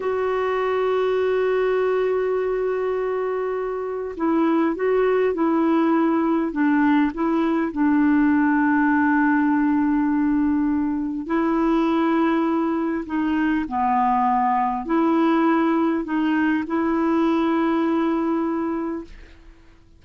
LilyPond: \new Staff \with { instrumentName = "clarinet" } { \time 4/4 \tempo 4 = 101 fis'1~ | fis'2. e'4 | fis'4 e'2 d'4 | e'4 d'2.~ |
d'2. e'4~ | e'2 dis'4 b4~ | b4 e'2 dis'4 | e'1 | }